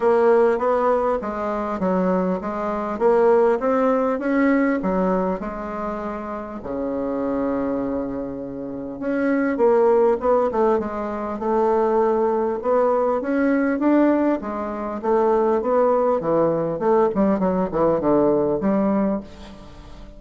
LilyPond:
\new Staff \with { instrumentName = "bassoon" } { \time 4/4 \tempo 4 = 100 ais4 b4 gis4 fis4 | gis4 ais4 c'4 cis'4 | fis4 gis2 cis4~ | cis2. cis'4 |
ais4 b8 a8 gis4 a4~ | a4 b4 cis'4 d'4 | gis4 a4 b4 e4 | a8 g8 fis8 e8 d4 g4 | }